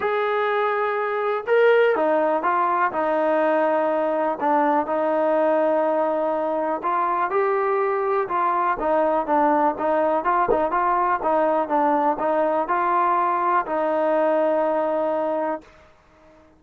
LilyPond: \new Staff \with { instrumentName = "trombone" } { \time 4/4 \tempo 4 = 123 gis'2. ais'4 | dis'4 f'4 dis'2~ | dis'4 d'4 dis'2~ | dis'2 f'4 g'4~ |
g'4 f'4 dis'4 d'4 | dis'4 f'8 dis'8 f'4 dis'4 | d'4 dis'4 f'2 | dis'1 | }